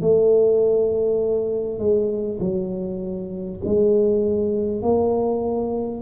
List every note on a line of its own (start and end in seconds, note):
0.00 1.78 A3
1.78 2.38 G#3
2.40 3.60 F#3
3.64 4.82 G#3
4.82 6.01 A#3